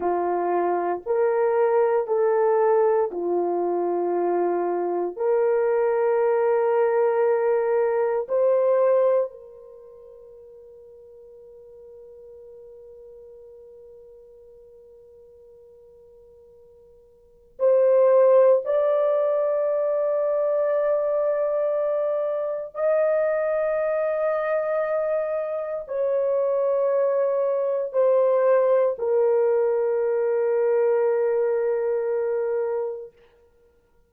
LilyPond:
\new Staff \with { instrumentName = "horn" } { \time 4/4 \tempo 4 = 58 f'4 ais'4 a'4 f'4~ | f'4 ais'2. | c''4 ais'2.~ | ais'1~ |
ais'4 c''4 d''2~ | d''2 dis''2~ | dis''4 cis''2 c''4 | ais'1 | }